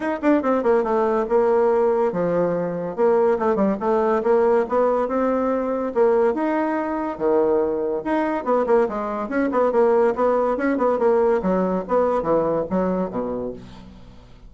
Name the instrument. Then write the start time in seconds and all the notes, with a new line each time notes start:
bassoon
0.00 D#4
0.22 D4
0.42 C4
0.63 A#3
0.83 A3
1.28 A#3
2.12 F3
2.95 A#3
3.38 A3
3.55 G3
3.80 A3
4.23 A#3
4.68 B3
5.08 C4
5.94 A#3
6.34 D#4
7.18 D#3
8.04 D#4
8.44 B3
8.66 A#3
8.88 G#3
9.28 C#4
9.51 B3
9.72 A#3
10.15 B3
10.57 C#4
10.77 B3
10.98 A#3
11.42 F#3
11.88 B3
12.22 E3
12.70 F#3
13.10 B2